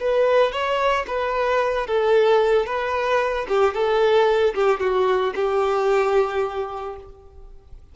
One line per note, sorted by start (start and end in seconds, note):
0.00 0.52 B4
0.52 1.06 C#5
1.07 1.87 B4
1.87 2.66 A4
2.66 3.47 B4
3.48 3.74 G4
3.74 4.54 A4
4.55 4.80 G4
4.80 5.34 F#4
5.35 6.96 G4